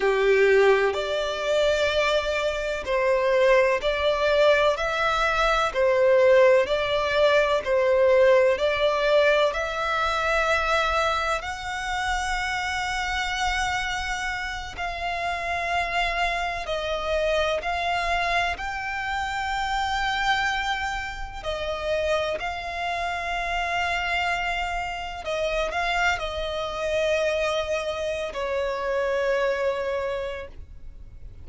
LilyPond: \new Staff \with { instrumentName = "violin" } { \time 4/4 \tempo 4 = 63 g'4 d''2 c''4 | d''4 e''4 c''4 d''4 | c''4 d''4 e''2 | fis''2.~ fis''8 f''8~ |
f''4. dis''4 f''4 g''8~ | g''2~ g''8 dis''4 f''8~ | f''2~ f''8 dis''8 f''8 dis''8~ | dis''4.~ dis''16 cis''2~ cis''16 | }